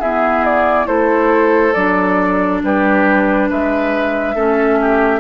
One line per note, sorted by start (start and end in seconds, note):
0.00 0.86 B3
0.00 0.87 E4
0.00 0.87 G#4
0.00 0.45 E5
0.45 0.87 D5
0.86 1.74 A3
0.86 1.73 E4
0.86 2.62 A4
0.86 1.73 C5
1.73 2.62 F#3
1.73 4.36 D4
1.73 2.60 D5
2.64 3.51 G3
2.64 3.49 G4
2.64 3.51 B4
3.49 4.35 G#3
3.49 4.35 B4
3.49 5.20 E5
4.35 5.20 A3
4.35 5.20 C#4
4.35 4.79 A4
4.81 5.20 G4